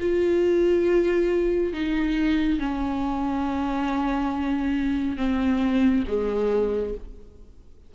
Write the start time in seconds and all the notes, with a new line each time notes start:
0.00 F4
1.73 D#4
2.59 C#4
5.17 C4
6.08 G#3